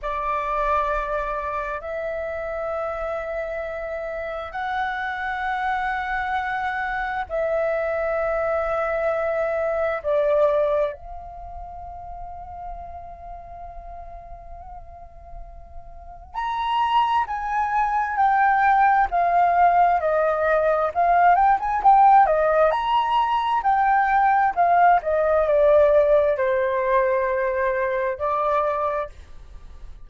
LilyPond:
\new Staff \with { instrumentName = "flute" } { \time 4/4 \tempo 4 = 66 d''2 e''2~ | e''4 fis''2. | e''2. d''4 | f''1~ |
f''2 ais''4 gis''4 | g''4 f''4 dis''4 f''8 g''16 gis''16 | g''8 dis''8 ais''4 g''4 f''8 dis''8 | d''4 c''2 d''4 | }